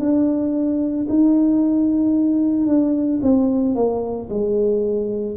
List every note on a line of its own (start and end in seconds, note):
0.00 1.07 D4
1.10 2.67 D#4
2.67 3.20 D4
3.22 3.75 C4
3.75 4.29 A#3
4.30 5.37 G#3